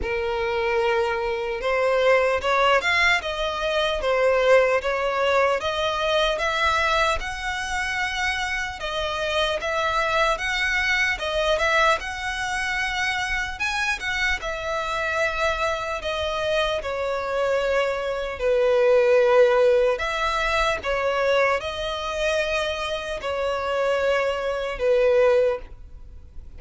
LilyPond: \new Staff \with { instrumentName = "violin" } { \time 4/4 \tempo 4 = 75 ais'2 c''4 cis''8 f''8 | dis''4 c''4 cis''4 dis''4 | e''4 fis''2 dis''4 | e''4 fis''4 dis''8 e''8 fis''4~ |
fis''4 gis''8 fis''8 e''2 | dis''4 cis''2 b'4~ | b'4 e''4 cis''4 dis''4~ | dis''4 cis''2 b'4 | }